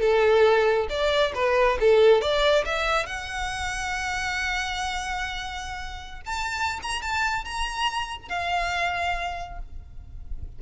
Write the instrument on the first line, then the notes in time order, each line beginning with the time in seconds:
violin
0.00 A4
0.89 D5
1.34 B4
1.80 A4
2.21 D5
2.65 E5
3.06 F#5
6.25 A5
6.82 A#5
7.01 A5
7.44 A#5
8.28 F5